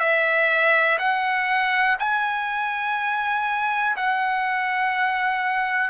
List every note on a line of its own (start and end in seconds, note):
0.00 0.98 E5
0.99 1.97 F#5
1.99 3.96 G#5
3.97 5.91 F#5